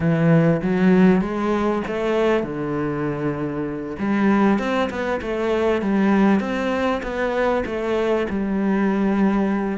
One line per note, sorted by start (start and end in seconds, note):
0.00 0.61 E3
0.62 1.21 F#3
1.21 1.82 G#3
1.87 2.43 A3
2.43 3.96 D3
3.99 4.58 G3
4.58 4.89 C4
4.90 5.20 B3
5.21 5.81 A3
5.81 6.40 G3
6.40 7.01 C4
7.02 7.64 B3
7.65 8.27 A3
8.29 9.78 G3